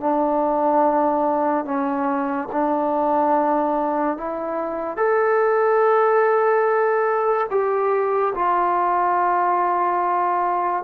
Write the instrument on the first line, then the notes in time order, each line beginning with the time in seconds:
trombone
0.00 D4
1.65 C#4
2.52 D4
4.17 E4
4.97 A4
7.50 G4
8.35 F4